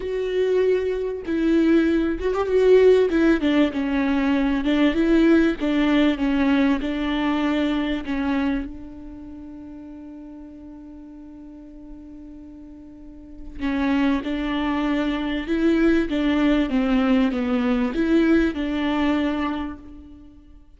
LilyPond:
\new Staff \with { instrumentName = "viola" } { \time 4/4 \tempo 4 = 97 fis'2 e'4. fis'16 g'16 | fis'4 e'8 d'8 cis'4. d'8 | e'4 d'4 cis'4 d'4~ | d'4 cis'4 d'2~ |
d'1~ | d'2 cis'4 d'4~ | d'4 e'4 d'4 c'4 | b4 e'4 d'2 | }